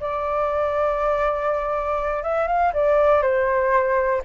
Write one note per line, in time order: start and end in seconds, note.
0.00 2.23 D5
2.23 2.47 E5
2.47 2.72 F5
2.73 3.22 D5
3.22 4.22 C5